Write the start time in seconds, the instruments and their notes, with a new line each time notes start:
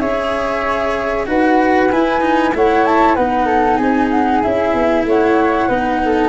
0.00 tuba C#4, cello G#4, flute C#5 E5
1.27 tuba D#4, cello F#4, flute B4 F#5
1.91 cello E4, tuba E4, flute G#5
2.21 cello D#4
2.54 tuba A3, cello E4, flute C#5 F#5
2.86 flute A5
3.15 tuba B3, cello D#4, flute B4 F#5
3.46 flute A4
3.77 tuba C4, flute G#4 G#5
4.11 flute F#5
4.43 tuba C#4, cello E4, flute E5
4.74 tuba B3
5.05 tuba A3, flute C#5 F#5
5.69 tuba B3, cello D#4, flute B4
6.05 flute A4